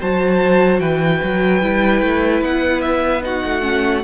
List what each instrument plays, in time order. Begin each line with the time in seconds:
0.00 cello F#3, viola F#4, violin C5 A5
0.80 cello E3, violin B4 G5
1.24 cello F#3
1.62 cello G3, viola E4
2.02 cello A3
2.42 cello B3, violin F#5
2.81 violin E5
3.22 viola D#4, violin F#4 F#5
3.45 cello A3
3.62 viola C#4